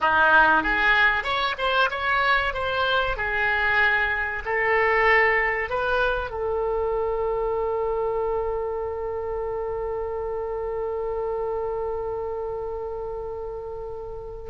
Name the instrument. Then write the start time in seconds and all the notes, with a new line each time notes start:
oboe
0.00 D#4
0.63 G#4
1.23 C#5
1.58 C5
1.90 C#5
2.53 C5
3.16 G#4
4.45 A4
5.69 B4
6.30 A4